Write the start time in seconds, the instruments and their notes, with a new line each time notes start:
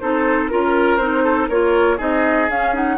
0.00 bassoon C4, clarinet D#4, oboe A4, flute C5
0.49 bassoon C#4, clarinet F4, flute A#4, oboe A#4
0.97 bassoon C4, clarinet D#4, flute C5
1.24 oboe A4
1.48 bassoon A#3, clarinet F4, oboe A#4, flute C#5
1.97 bassoon C4, clarinet D#4, oboe G#4, flute D#5
2.49 bassoon C#4, clarinet C#4, flute F5
2.74 clarinet D#4, flute F#5